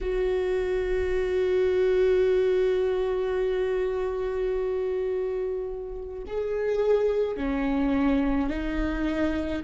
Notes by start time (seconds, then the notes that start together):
0.01 F#4
6.26 G#4
7.36 C#4
8.49 D#4